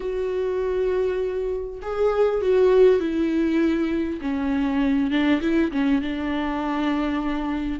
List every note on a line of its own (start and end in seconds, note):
0.00 1.80 F#4
1.82 2.41 G#4
2.41 2.99 F#4
2.99 4.19 E4
4.21 5.10 C#4
5.10 5.40 D4
5.41 5.71 E4
5.71 6.01 C#4
6.01 7.79 D4